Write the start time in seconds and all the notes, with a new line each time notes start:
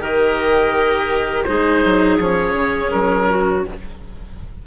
0.00 D#3 G4 A#4 D#5
1.44 G#3 D#4 G#4 C5
1.85 F#3
2.19 F3 C#4 C#5
2.54 C#3
2.91 F#3 A#4
3.30 F#4